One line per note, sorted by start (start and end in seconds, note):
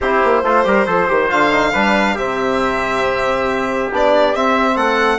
0.00 0.22 C4
0.00 0.44 E4
0.00 0.44 G4
0.00 1.30 C5
0.23 0.42 A#3
0.42 0.64 A3
0.42 0.64 F4
0.42 0.66 A4
0.64 0.86 G3
0.64 0.86 G4
0.64 0.86 A#4
0.86 1.08 F3
0.86 1.08 A4
0.86 1.72 C5
1.08 1.31 D#3
1.08 1.29 G4
1.29 1.74 D3
1.29 1.51 F4
1.29 2.17 F5
1.51 1.73 D#4
1.72 2.17 G3
1.72 2.17 D4
1.72 2.14 B4
2.14 3.91 C3
2.14 3.91 C4
2.14 4.75 G4
2.14 3.91 E5
3.91 4.34 B3
3.91 4.34 D4
3.91 4.35 D5
4.34 4.76 C4
4.34 5.18 C4
4.34 4.76 E5
4.76 5.18 A3
4.76 5.18 A4
4.76 5.18 F#5